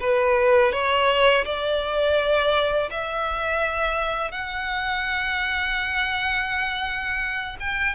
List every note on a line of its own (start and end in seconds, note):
0.00 0.72 B4
0.72 1.44 C#5
1.45 2.89 D5
2.90 4.31 E5
4.31 7.56 F#5
7.59 7.95 G5